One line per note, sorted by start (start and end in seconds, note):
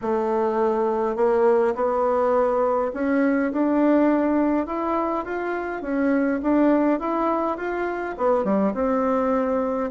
0.01 1.16 A3
1.16 1.74 A#3
1.75 2.91 B3
2.93 3.51 C#4
3.52 4.66 D4
4.66 5.24 E4
5.24 5.81 F4
5.81 6.40 C#4
6.42 6.99 D4
6.99 7.57 E4
7.57 8.15 F4
8.17 8.44 B3
8.44 8.73 G3
8.74 9.90 C4